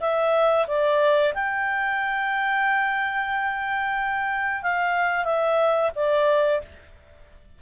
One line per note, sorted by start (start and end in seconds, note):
0.00 0.66 E5
0.67 1.33 D5
1.34 4.62 G5
4.62 5.24 F5
5.24 5.90 E5
5.95 6.61 D5